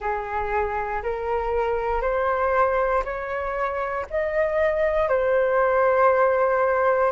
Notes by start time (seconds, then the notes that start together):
0.00 G#4
1.03 A#4
2.01 C5
3.04 C#5
4.10 D#5
5.08 C5